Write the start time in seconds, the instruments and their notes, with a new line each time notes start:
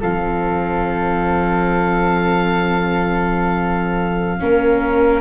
0.00 tuba F3, viola C4, flute A4, oboe F5
4.39 tuba A#3, viola C#4, flute A#4